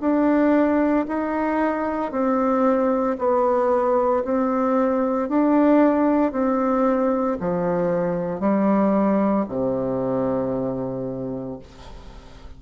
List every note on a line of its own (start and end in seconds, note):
0.00 1.05 D4
1.08 2.11 D#4
2.11 3.16 C4
3.18 4.23 B3
4.24 5.29 C4
5.29 6.32 D4
6.32 7.37 C4
7.40 8.40 F3
8.40 9.45 G3
9.48 11.58 C3